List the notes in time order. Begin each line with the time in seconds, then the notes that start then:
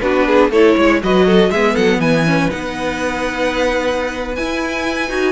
0.00 B3 D4 F#4 B4
0.27 G#4
0.50 A3 E4 A4 C#5
0.76 G#3 C#5
1.02 F#3 F#4 B4 D#5
1.25 A4
1.50 G#3 B3 G#4 E5
1.73 F#3 A4 F#5
1.98 E3 B4 G#5
2.26 C#4
2.49 B3 D#4 F#5
4.35 E4 G#5
5.09 D#4 F#4